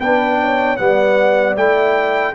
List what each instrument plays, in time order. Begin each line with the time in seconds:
0.00 tuba B3, trombone D4, horn B4, trumpet G5
0.41 horn C#5
0.77 tuba G3, trombone B3, horn D5, trumpet F#5
1.56 tuba A3, trombone E4, trumpet G5